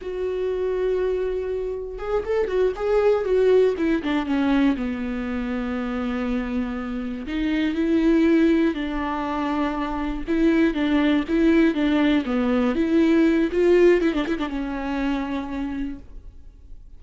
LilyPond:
\new Staff \with { instrumentName = "viola" } { \time 4/4 \tempo 4 = 120 fis'1 | gis'8 a'8 fis'8 gis'4 fis'4 e'8 | d'8 cis'4 b2~ b8~ | b2~ b8 dis'4 e'8~ |
e'4. d'2~ d'8~ | d'8 e'4 d'4 e'4 d'8~ | d'8 b4 e'4. f'4 | e'16 d'16 e'16 d'16 cis'2. | }